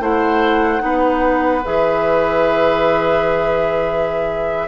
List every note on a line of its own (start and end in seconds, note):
0.00 0.81 A3
0.00 0.80 E4
0.00 0.83 C5
0.00 1.66 F#5
0.80 1.65 B3
0.80 1.61 D#4
0.80 4.68 B4
1.65 4.68 E3
1.65 4.68 G#4
1.65 4.68 E5